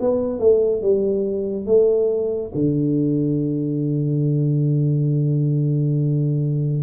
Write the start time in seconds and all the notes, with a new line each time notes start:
0.00 B3
0.39 A3
0.82 G3
1.66 A3
2.54 D3